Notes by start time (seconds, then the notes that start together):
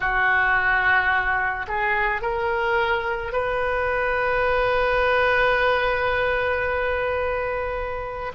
0.00 F#4
1.67 G#4
2.21 A#4
3.32 B4